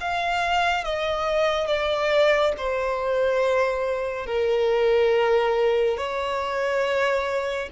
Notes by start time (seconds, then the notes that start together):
0.00 F5
0.84 D#5
1.67 D5
2.58 C5
4.26 A#4
5.97 C#5